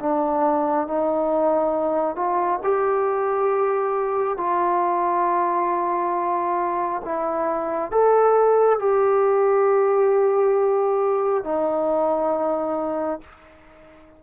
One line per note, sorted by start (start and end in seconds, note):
0.00 0.88 D4
0.88 2.16 D#4
2.16 2.60 F4
2.64 4.38 G4
4.38 7.02 F4
7.05 7.91 E4
7.91 8.80 A4
8.80 11.44 G4
11.45 13.21 D#4